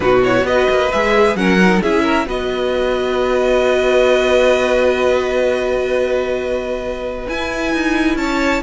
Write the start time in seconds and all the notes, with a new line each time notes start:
0.00 B2 D#4 F#4 B4
0.24 E4 C#5
0.43 B3 F#4 B4 D#5
0.70 A#3
0.91 G#3 G#4 E5
1.35 F#3 C#4 A#4 F#5
1.60 D#4
1.82 C#4 E4 G#4 E5
2.03 A#4
2.26 B3 F#4 B4 D#5
7.27 E4 G#5
7.73 D#4
8.15 C#4 C#5 A5